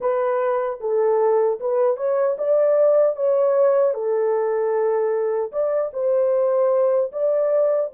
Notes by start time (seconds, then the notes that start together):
0.00 B4
0.80 A4
1.60 B4
1.97 C#5
2.38 D5
3.15 C#5
3.93 A4
5.52 D5
5.93 C5
7.12 D5